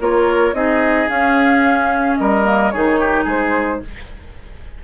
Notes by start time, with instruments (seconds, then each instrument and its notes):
0.00 bassoon A#3, clarinet F4, oboe A#4, flute C#5
0.53 bassoon C4, clarinet D#4, oboe G#4, flute D#5
1.08 clarinet C#4, bassoon C#4, flute F5
2.16 bassoon G3, oboe A#4, flute D#5
2.43 clarinet A#3
2.71 bassoon D#3, clarinet D#4, oboe G#4, flute C#5
3.00 oboe G4
3.24 bassoon G#3, oboe G#4, flute C5